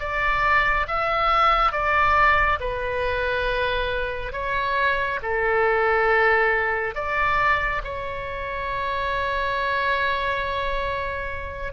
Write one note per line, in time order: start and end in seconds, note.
0.00 0.87 D5
0.88 1.72 E5
1.72 2.59 D5
2.60 4.33 B4
4.33 5.20 C#5
5.23 6.95 A4
6.95 7.82 D5
7.85 11.73 C#5